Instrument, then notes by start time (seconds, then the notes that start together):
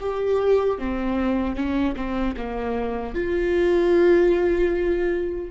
viola
0.00 G4
0.79 C4
1.56 C#4
1.96 C4
2.37 A#3
3.15 F4